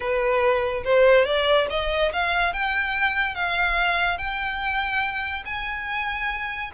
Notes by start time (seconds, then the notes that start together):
0.00 B4
0.84 C5
1.25 D5
1.70 D#5
2.12 F5
2.53 G5
3.35 F5
4.17 G5
5.45 G#5